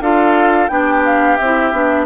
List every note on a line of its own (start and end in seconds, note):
0.00 0.69 D4
0.00 0.69 F4
0.00 0.71 A4
0.00 0.68 F5
0.68 1.38 B3
0.68 1.38 D4
0.68 2.06 G4
0.68 1.02 G5
1.05 1.36 F5
1.36 1.72 C4
1.36 2.05 E5
1.44 1.73 E4
1.72 2.06 B3
1.72 2.06 D4